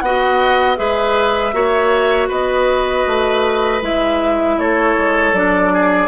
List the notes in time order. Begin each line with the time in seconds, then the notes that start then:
0.00 B3 F#4 D#5 F#5
0.77 G#3 G#4 B4 E5
1.53 A#3 F#4 C#5
2.28 B3 B4 D#5
3.06 A3
3.82 G#3 E4 E5
4.58 A3 A4 C#5
4.97 G#3
5.33 F#3 D4 D5
5.73 G#4